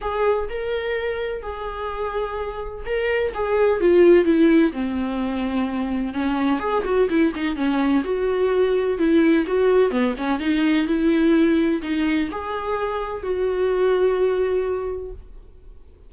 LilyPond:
\new Staff \with { instrumentName = "viola" } { \time 4/4 \tempo 4 = 127 gis'4 ais'2 gis'4~ | gis'2 ais'4 gis'4 | f'4 e'4 c'2~ | c'4 cis'4 gis'8 fis'8 e'8 dis'8 |
cis'4 fis'2 e'4 | fis'4 b8 cis'8 dis'4 e'4~ | e'4 dis'4 gis'2 | fis'1 | }